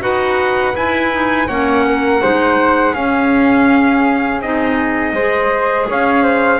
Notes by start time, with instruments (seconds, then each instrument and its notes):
0.00 double bass D#4, clarinet F#4, flute B4, trumpet F#5
0.75 double bass E4, clarinet E4, trumpet G#5
1.11 clarinet D#4
1.47 double bass A#3, clarinet C#4, flute C#5, trumpet F#5
1.86 flute A#4
2.21 double bass G#3, clarinet D#4, flute C5
2.93 double bass C#4, clarinet C#4, flute G#4, trumpet F5
4.41 double bass C4, clarinet D#4, trumpet D#5
5.12 double bass G#3, clarinet G#4, flute C5
5.89 double bass C#4, flute C#5, trumpet F5
6.23 flute C5